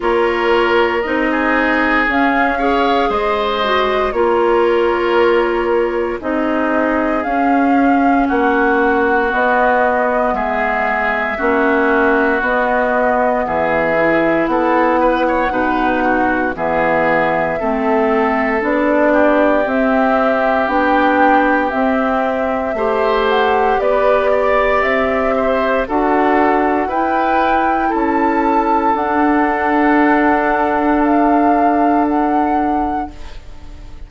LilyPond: <<
  \new Staff \with { instrumentName = "flute" } { \time 4/4 \tempo 4 = 58 cis''4 dis''4 f''4 dis''4 | cis''2 dis''4 f''4 | fis''4 dis''4 e''2 | dis''4 e''4 fis''2 |
e''2 d''4 e''4 | g''4 e''4. fis''8 d''4 | e''4 fis''4 g''4 a''4 | fis''2 f''4 fis''4 | }
  \new Staff \with { instrumentName = "oboe" } { \time 4/4 ais'4~ ais'16 gis'4~ gis'16 cis''8 c''4 | ais'2 gis'2 | fis'2 gis'4 fis'4~ | fis'4 gis'4 a'8 b'16 cis''16 b'8 fis'8 |
gis'4 a'4. g'4.~ | g'2 c''4 b'8 d''8~ | d''8 c''8 a'4 b'4 a'4~ | a'1 | }
  \new Staff \with { instrumentName = "clarinet" } { \time 4/4 f'4 dis'4 cis'8 gis'4 fis'8 | f'2 dis'4 cis'4~ | cis'4 b2 cis'4 | b4. e'4. dis'4 |
b4 c'4 d'4 c'4 | d'4 c'4 g'2~ | g'4 fis'4 e'2 | d'1 | }
  \new Staff \with { instrumentName = "bassoon" } { \time 4/4 ais4 c'4 cis'4 gis4 | ais2 c'4 cis'4 | ais4 b4 gis4 ais4 | b4 e4 b4 b,4 |
e4 a4 b4 c'4 | b4 c'4 a4 b4 | c'4 d'4 e'4 cis'4 | d'1 | }
>>